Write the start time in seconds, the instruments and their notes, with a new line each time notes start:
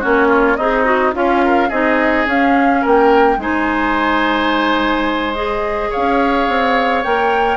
0.00 bassoon A#3, clarinet C#4, oboe F#4, flute C#5
0.29 oboe F4
0.57 bassoon C4, oboe D#4, clarinet G#4, flute D#5
0.85 clarinet F#4
1.14 bassoon C#4, oboe C#4, clarinet F4, flute F5
1.45 oboe A#4
1.69 bassoon C4, clarinet D#4, oboe G#4, flute D#5
2.27 bassoon C#4, clarinet C#4, flute F5
2.82 bassoon A#3, oboe A#4, flute G5
3.38 bassoon G#3, clarinet D#4, oboe C5, flute G#5
5.35 clarinet G#4, flute D#5
5.91 bassoon C#4, oboe C#5, flute F5
6.49 bassoon C4
7.04 bassoon A#3, clarinet A#4, flute G5